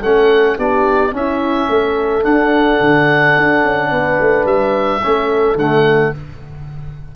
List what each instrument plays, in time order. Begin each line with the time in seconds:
0.00 tuba A3, trombone C#4, horn A4, oboe F#5
0.57 tuba B3, trombone D4, horn G4, oboe D5
1.12 trombone C#4, tuba C#4, horn E4, oboe E5
1.69 tuba A3, horn A4
2.23 trombone D4, tuba D4, oboe F#5
2.80 tuba D3
3.37 tuba D4
3.63 tuba C#4
3.90 tuba B3, horn B4
4.20 tuba A3
4.45 tuba G3, oboe E5
5.02 tuba A3, trombone C#4, horn A4
5.55 tuba D3, trombone A3, oboe F#5